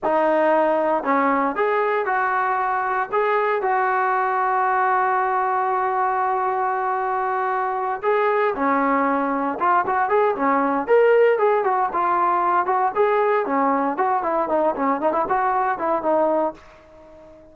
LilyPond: \new Staff \with { instrumentName = "trombone" } { \time 4/4 \tempo 4 = 116 dis'2 cis'4 gis'4 | fis'2 gis'4 fis'4~ | fis'1~ | fis'2.~ fis'8 gis'8~ |
gis'8 cis'2 f'8 fis'8 gis'8 | cis'4 ais'4 gis'8 fis'8 f'4~ | f'8 fis'8 gis'4 cis'4 fis'8 e'8 | dis'8 cis'8 dis'16 e'16 fis'4 e'8 dis'4 | }